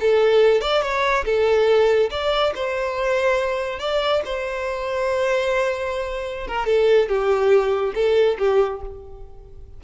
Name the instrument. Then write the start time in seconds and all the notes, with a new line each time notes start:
violin
0.00 A4
0.61 D5
0.82 C#5
1.25 A4
2.10 D5
2.55 C5
3.79 D5
4.25 C5
6.47 A#4
6.66 A4
7.08 G4
7.94 A4
8.38 G4